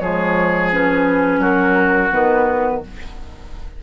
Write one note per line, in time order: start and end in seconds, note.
0.00 1.39 F3
0.00 0.71 G#3
0.00 1.40 G#4
0.00 0.71 C#5
0.72 2.12 C#4
0.72 1.42 B4
1.39 2.10 F#3
1.39 2.82 F#4
1.39 2.12 A#4
2.12 2.84 D#3
2.12 2.82 B3
2.12 2.83 B4